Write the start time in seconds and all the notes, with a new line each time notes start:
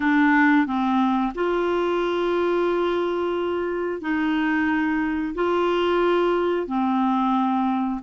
0.00 D4
0.66 C4
1.35 F4
4.01 D#4
5.34 F4
6.67 C4